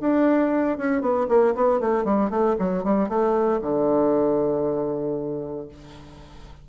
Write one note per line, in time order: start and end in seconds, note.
0.00 0.77 D4
0.77 1.01 C#4
1.01 1.27 B3
1.28 1.54 A#3
1.54 1.80 B3
1.80 2.04 A3
2.04 2.30 G3
2.30 2.56 A3
2.58 2.83 F#3
2.83 3.08 G3
3.08 3.60 A3
3.61 5.68 D3